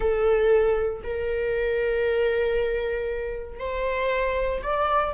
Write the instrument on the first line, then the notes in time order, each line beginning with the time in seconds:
viola
0.00 A4
1.03 A#4
3.59 C5
4.62 D5